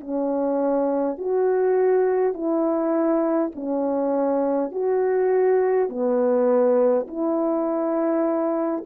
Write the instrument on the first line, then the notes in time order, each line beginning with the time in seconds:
horn
0.00 C#4
1.18 F#4
2.33 E4
3.55 C#4
4.71 F#4
5.89 B3
7.07 E4